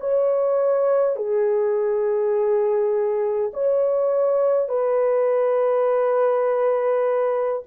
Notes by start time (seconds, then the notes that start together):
0.00 C#5
1.16 G#4
3.53 C#5
4.68 B4